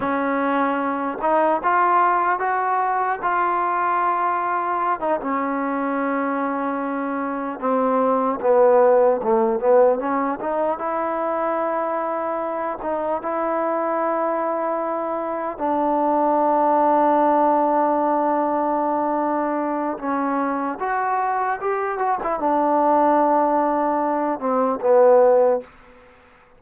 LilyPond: \new Staff \with { instrumentName = "trombone" } { \time 4/4 \tempo 4 = 75 cis'4. dis'8 f'4 fis'4 | f'2~ f'16 dis'16 cis'4.~ | cis'4. c'4 b4 a8 | b8 cis'8 dis'8 e'2~ e'8 |
dis'8 e'2. d'8~ | d'1~ | d'4 cis'4 fis'4 g'8 fis'16 e'16 | d'2~ d'8 c'8 b4 | }